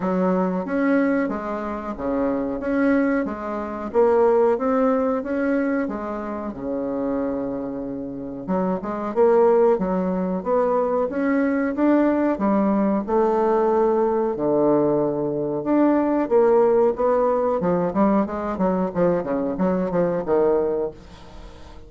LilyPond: \new Staff \with { instrumentName = "bassoon" } { \time 4/4 \tempo 4 = 92 fis4 cis'4 gis4 cis4 | cis'4 gis4 ais4 c'4 | cis'4 gis4 cis2~ | cis4 fis8 gis8 ais4 fis4 |
b4 cis'4 d'4 g4 | a2 d2 | d'4 ais4 b4 f8 g8 | gis8 fis8 f8 cis8 fis8 f8 dis4 | }